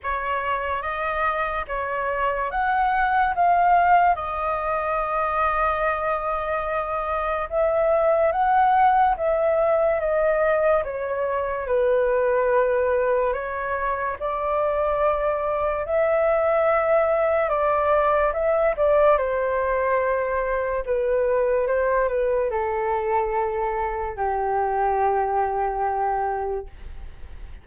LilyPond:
\new Staff \with { instrumentName = "flute" } { \time 4/4 \tempo 4 = 72 cis''4 dis''4 cis''4 fis''4 | f''4 dis''2.~ | dis''4 e''4 fis''4 e''4 | dis''4 cis''4 b'2 |
cis''4 d''2 e''4~ | e''4 d''4 e''8 d''8 c''4~ | c''4 b'4 c''8 b'8 a'4~ | a'4 g'2. | }